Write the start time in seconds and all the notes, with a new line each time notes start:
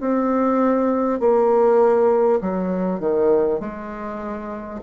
0.00 C4
1.19 A#3
2.41 F#3
2.99 D#3
3.60 G#3